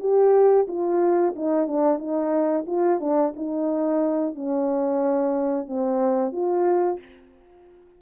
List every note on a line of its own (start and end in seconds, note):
0.00 0.67 G4
0.68 1.35 F4
1.36 1.68 D#4
1.68 1.99 D4
1.99 2.65 D#4
2.67 3.00 F4
3.01 3.34 D4
3.36 4.35 D#4
4.35 5.67 C#4
5.67 6.33 C4
6.33 6.99 F4